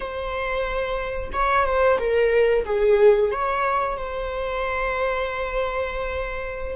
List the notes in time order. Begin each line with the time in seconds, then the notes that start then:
0.00 C5
1.32 C#5
1.65 C5
1.99 A#4
2.65 G#4
3.31 C#5
3.97 C5